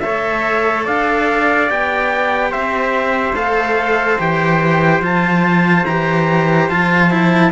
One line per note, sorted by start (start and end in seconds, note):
0.00 1.67 A4
0.00 0.84 C#5
0.00 0.83 E5
0.06 0.88 A3
0.84 1.70 D4
0.84 2.51 D5
0.84 1.70 F5
1.67 2.54 B3
1.67 3.34 G4
1.67 2.52 G5
2.51 3.33 C4
2.51 7.51 C5
2.51 3.36 E5
3.33 4.17 A3
3.33 4.19 A4
3.33 4.19 F5
4.19 5.01 E3
4.19 5.02 G4
4.19 5.04 G5
5.01 5.84 F3
5.01 5.86 F4
5.01 5.86 A5
5.86 6.69 E3
5.86 6.70 G4
5.86 6.69 A#5
6.70 7.52 F3
6.70 7.10 F4
6.70 7.52 A5
7.10 7.52 E4